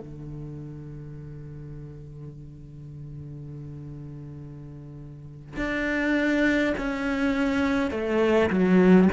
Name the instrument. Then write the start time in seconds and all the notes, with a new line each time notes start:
cello
0.00 D3
5.56 D4
6.78 C#4
7.91 A3
8.50 F#3